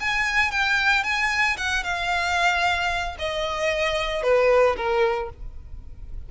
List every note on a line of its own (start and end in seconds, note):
0.00 0.51 G#5
0.51 1.04 G5
1.04 1.57 G#5
1.57 1.84 F#5
1.84 3.17 F5
3.19 4.23 D#5
4.23 4.76 B4
4.77 5.30 A#4